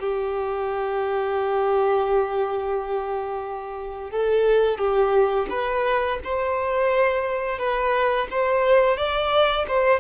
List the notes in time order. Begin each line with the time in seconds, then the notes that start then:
0.00 G4
4.11 A4
4.78 G4
5.50 B4
6.24 C5
7.59 B4
8.31 C5
8.97 D5
9.68 C5